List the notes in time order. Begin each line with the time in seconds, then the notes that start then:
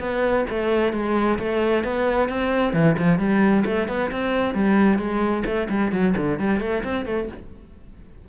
0.00 B3
0.50 A3
0.93 G#3
1.39 A3
1.85 B3
2.29 C4
2.74 E3
2.98 F3
3.19 G3
3.66 A3
3.88 B3
4.12 C4
4.55 G3
4.99 G#3
5.46 A3
5.70 G3
5.92 F#3
6.17 D3
6.39 G3
6.61 A3
6.84 C4
7.06 A3